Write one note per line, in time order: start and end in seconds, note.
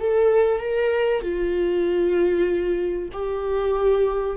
0.00 0.60 A4
0.60 1.22 A#4
1.22 3.09 F4
3.12 4.37 G4